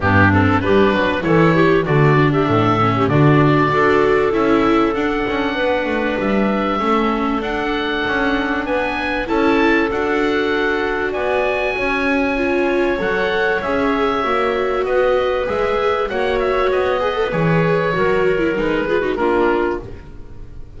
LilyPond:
<<
  \new Staff \with { instrumentName = "oboe" } { \time 4/4 \tempo 4 = 97 g'8 a'8 b'4 cis''4 d''8. e''16~ | e''4 d''2 e''4 | fis''2 e''2 | fis''2 gis''4 a''4 |
fis''2 gis''2~ | gis''4 fis''4 e''2 | dis''4 e''4 fis''8 e''8 dis''4 | cis''2 b'4 ais'4 | }
  \new Staff \with { instrumentName = "clarinet" } { \time 4/4 d'4 g'8 b'8 a'8 g'8 fis'8. g'16 | a'8. g'16 fis'4 a'2~ | a'4 b'2 a'4~ | a'2 b'4 a'4~ |
a'2 d''4 cis''4~ | cis''1 | b'2 cis''4. b'8~ | b'4 ais'4. gis'16 fis'16 f'4 | }
  \new Staff \with { instrumentName = "viola" } { \time 4/4 b8 c'8 d'4 e'4 a8 d'8~ | d'8 cis'8 d'4 fis'4 e'4 | d'2. cis'4 | d'2. e'4 |
fis'1 | f'4 a'4 gis'4 fis'4~ | fis'4 gis'4 fis'4. gis'16 a'16 | gis'4 fis'8. e'16 dis'8 f'16 dis'16 d'4 | }
  \new Staff \with { instrumentName = "double bass" } { \time 4/4 g,4 g8 fis8 e4 d4 | a,4 d4 d'4 cis'4 | d'8 cis'8 b8 a8 g4 a4 | d'4 cis'4 b4 cis'4 |
d'2 b4 cis'4~ | cis'4 fis4 cis'4 ais4 | b4 gis4 ais4 b4 | e4 fis4 gis4 ais4 | }
>>